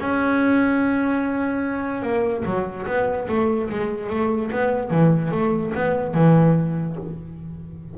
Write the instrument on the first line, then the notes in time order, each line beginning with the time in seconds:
double bass
0.00 C#4
2.02 A#3
2.45 F#3
2.86 B3
3.29 A3
3.70 G#3
4.10 A3
4.52 B3
4.91 E3
5.31 A3
5.75 B3
6.14 E3